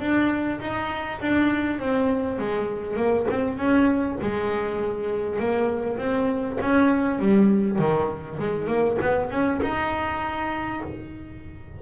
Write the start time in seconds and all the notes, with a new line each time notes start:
0.00 D4
0.60 D#4
1.21 D4
1.79 C4
2.39 G#3
2.97 A#3
3.31 C4
3.58 C#4
4.22 G#3
5.40 A#3
5.98 C4
6.61 C#4
7.19 G3
7.79 D#3
8.39 G#3
8.68 A#3
9.02 B3
9.31 C#4
9.62 D#4